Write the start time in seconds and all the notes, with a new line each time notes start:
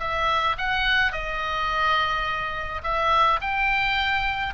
0.00 E5
0.58 F#5
1.12 D#5
2.84 E5
3.41 G5